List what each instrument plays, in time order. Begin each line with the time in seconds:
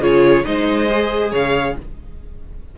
0.00 cello C#3, viola F4, violin G#4 C#5
0.44 cello G#3, viola D#4, violin C5 D#5
0.90 viola G#4
1.32 cello C#3, violin C#5 F5